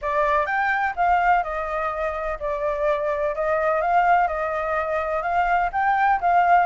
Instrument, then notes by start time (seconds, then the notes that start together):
flute
0.01 D5
0.46 G5
0.96 F5
1.43 D#5
2.39 D5
3.35 D#5
3.81 F5
4.27 D#5
5.22 F5
5.72 G5
6.20 F5